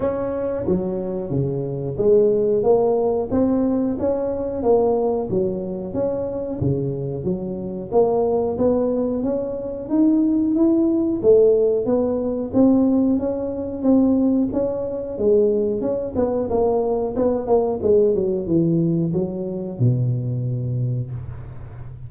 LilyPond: \new Staff \with { instrumentName = "tuba" } { \time 4/4 \tempo 4 = 91 cis'4 fis4 cis4 gis4 | ais4 c'4 cis'4 ais4 | fis4 cis'4 cis4 fis4 | ais4 b4 cis'4 dis'4 |
e'4 a4 b4 c'4 | cis'4 c'4 cis'4 gis4 | cis'8 b8 ais4 b8 ais8 gis8 fis8 | e4 fis4 b,2 | }